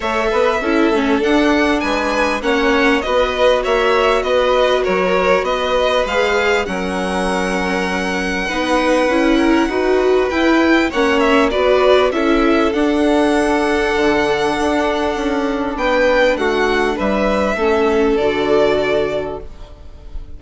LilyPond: <<
  \new Staff \with { instrumentName = "violin" } { \time 4/4 \tempo 4 = 99 e''2 fis''4 gis''4 | fis''4 dis''4 e''4 dis''4 | cis''4 dis''4 f''4 fis''4~ | fis''1~ |
fis''4 g''4 fis''8 e''8 d''4 | e''4 fis''2.~ | fis''2 g''4 fis''4 | e''2 d''2 | }
  \new Staff \with { instrumentName = "violin" } { \time 4/4 cis''8 b'8 a'2 b'4 | cis''4 b'4 cis''4 b'4 | ais'4 b'2 ais'4~ | ais'2 b'4. ais'8 |
b'2 cis''4 b'4 | a'1~ | a'2 b'4 fis'4 | b'4 a'2. | }
  \new Staff \with { instrumentName = "viola" } { \time 4/4 a'4 e'8 cis'8 d'2 | cis'4 fis'2.~ | fis'2 gis'4 cis'4~ | cis'2 dis'4 e'4 |
fis'4 e'4 cis'4 fis'4 | e'4 d'2.~ | d'1~ | d'4 cis'4 fis'2 | }
  \new Staff \with { instrumentName = "bassoon" } { \time 4/4 a8 b8 cis'8 a8 d'4 gis4 | ais4 b4 ais4 b4 | fis4 b4 gis4 fis4~ | fis2 b4 cis'4 |
dis'4 e'4 ais4 b4 | cis'4 d'2 d4 | d'4 cis'4 b4 a4 | g4 a4 d2 | }
>>